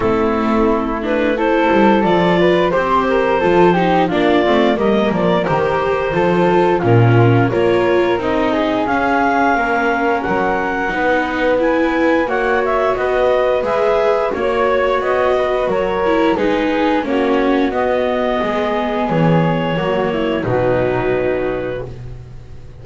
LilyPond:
<<
  \new Staff \with { instrumentName = "clarinet" } { \time 4/4 \tempo 4 = 88 a'4. b'8 c''4 d''4 | c''2 d''4 dis''8 d''8 | c''2 ais'4 cis''4 | dis''4 f''2 fis''4~ |
fis''4 gis''4 fis''8 e''8 dis''4 | e''4 cis''4 dis''4 cis''4 | b'4 cis''4 dis''2 | cis''2 b'2 | }
  \new Staff \with { instrumentName = "flute" } { \time 4/4 e'2 a'4. b'8 | c''8 ais'8 a'8 g'8 f'4 ais'4~ | ais'4 a'4 f'4 ais'4~ | ais'8 gis'4. ais'2 |
b'2 cis''4 b'4~ | b'4 cis''4. b'8 ais'4 | gis'4 fis'2 gis'4~ | gis'4 fis'8 e'8 dis'2 | }
  \new Staff \with { instrumentName = "viola" } { \time 4/4 c'4. d'8 e'4 f'4 | g'4 f'8 dis'8 d'8 c'8 ais4 | g'4 f'4 cis'4 f'4 | dis'4 cis'2. |
dis'4 e'4 fis'2 | gis'4 fis'2~ fis'8 e'8 | dis'4 cis'4 b2~ | b4 ais4 fis2 | }
  \new Staff \with { instrumentName = "double bass" } { \time 4/4 a2~ a8 g8 f4 | c'4 f4 ais8 a8 g8 f8 | dis4 f4 ais,4 ais4 | c'4 cis'4 ais4 fis4 |
b2 ais4 b4 | gis4 ais4 b4 fis4 | gis4 ais4 b4 gis4 | e4 fis4 b,2 | }
>>